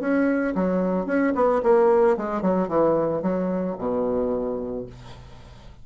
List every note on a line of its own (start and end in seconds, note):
0.00 0.54 C#4
0.55 1.06 F#3
1.06 1.33 C#4
1.35 1.62 B3
1.62 2.16 A#3
2.16 2.41 G#3
2.41 2.68 F#3
2.68 3.22 E3
3.22 3.76 F#3
3.78 4.86 B2